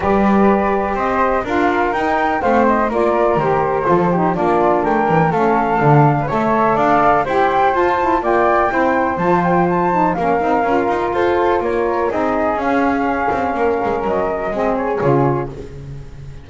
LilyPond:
<<
  \new Staff \with { instrumentName = "flute" } { \time 4/4 \tempo 4 = 124 d''2 dis''4 f''4 | g''4 f''8 dis''8 d''4 c''4~ | c''4 d''4 g''4 f''4~ | f''4 e''4 f''4 g''4 |
a''4 g''2 a''8 g''8 | a''4 f''2 c''4 | cis''4 dis''4 f''2~ | f''4 dis''4. cis''4. | }
  \new Staff \with { instrumentName = "flute" } { \time 4/4 b'2 c''4 ais'4~ | ais'4 c''4 ais'2 | a'8 g'8 f'4 ais'4 a'4~ | a'8. b'16 cis''4 d''4 c''4~ |
c''4 d''4 c''2~ | c''4 ais'2 a'4 | ais'4 gis'2. | ais'2 gis'2 | }
  \new Staff \with { instrumentName = "saxophone" } { \time 4/4 g'2. f'4 | dis'4 c'4 f'4 g'4 | f'8 dis'8 d'2 cis'4 | d'4 a'2 g'4 |
f'8 e'8 f'4 e'4 f'4~ | f'8 dis'8 cis'8 dis'8 f'2~ | f'4 dis'4 cis'2~ | cis'2 c'4 f'4 | }
  \new Staff \with { instrumentName = "double bass" } { \time 4/4 g2 c'4 d'4 | dis'4 a4 ais4 dis4 | f4 ais4 a8 e8 a4 | d4 a4 d'4 e'4 |
f'4 ais4 c'4 f4~ | f4 ais8 c'8 cis'8 dis'8 f'4 | ais4 c'4 cis'4. c'8 | ais8 gis8 fis4 gis4 cis4 | }
>>